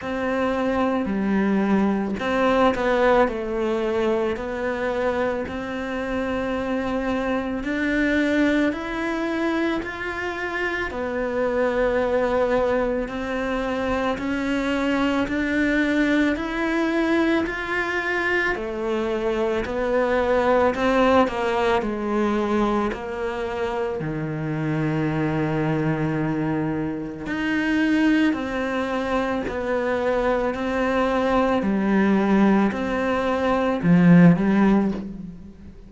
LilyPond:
\new Staff \with { instrumentName = "cello" } { \time 4/4 \tempo 4 = 55 c'4 g4 c'8 b8 a4 | b4 c'2 d'4 | e'4 f'4 b2 | c'4 cis'4 d'4 e'4 |
f'4 a4 b4 c'8 ais8 | gis4 ais4 dis2~ | dis4 dis'4 c'4 b4 | c'4 g4 c'4 f8 g8 | }